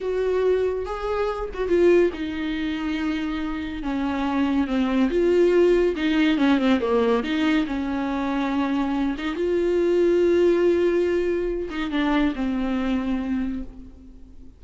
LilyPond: \new Staff \with { instrumentName = "viola" } { \time 4/4 \tempo 4 = 141 fis'2 gis'4. fis'8 | f'4 dis'2.~ | dis'4 cis'2 c'4 | f'2 dis'4 cis'8 c'8 |
ais4 dis'4 cis'2~ | cis'4. dis'8 f'2~ | f'2.~ f'8 dis'8 | d'4 c'2. | }